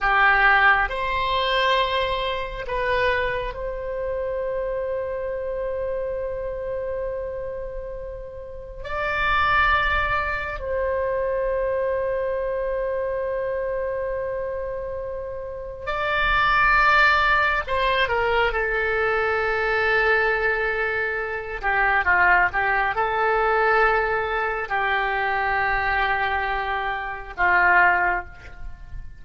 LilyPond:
\new Staff \with { instrumentName = "oboe" } { \time 4/4 \tempo 4 = 68 g'4 c''2 b'4 | c''1~ | c''2 d''2 | c''1~ |
c''2 d''2 | c''8 ais'8 a'2.~ | a'8 g'8 f'8 g'8 a'2 | g'2. f'4 | }